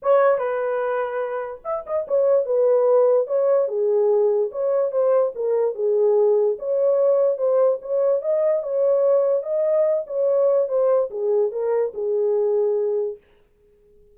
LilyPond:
\new Staff \with { instrumentName = "horn" } { \time 4/4 \tempo 4 = 146 cis''4 b'2. | e''8 dis''8 cis''4 b'2 | cis''4 gis'2 cis''4 | c''4 ais'4 gis'2 |
cis''2 c''4 cis''4 | dis''4 cis''2 dis''4~ | dis''8 cis''4. c''4 gis'4 | ais'4 gis'2. | }